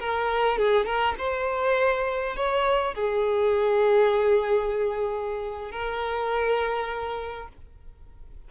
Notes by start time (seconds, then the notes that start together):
0.00 A#4
0.59 G#4
0.86 A#4
1.19 C5
2.36 C#5
2.95 G#4
5.72 A#4